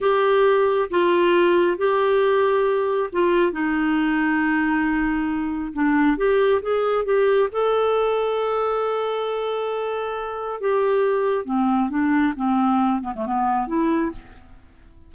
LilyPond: \new Staff \with { instrumentName = "clarinet" } { \time 4/4 \tempo 4 = 136 g'2 f'2 | g'2. f'4 | dis'1~ | dis'4 d'4 g'4 gis'4 |
g'4 a'2.~ | a'1 | g'2 c'4 d'4 | c'4. b16 a16 b4 e'4 | }